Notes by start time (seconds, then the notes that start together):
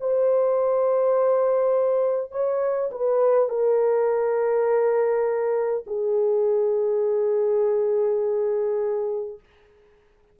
0.00 C5
2.31 C#5
2.91 B4
3.49 A#4
5.87 G#4